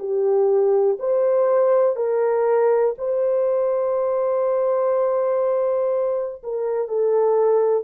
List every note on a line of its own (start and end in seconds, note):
0.00 0.98 G4
1.00 1.97 C5
1.97 2.95 A#4
2.99 6.43 C5
6.44 6.89 A#4
6.89 7.85 A4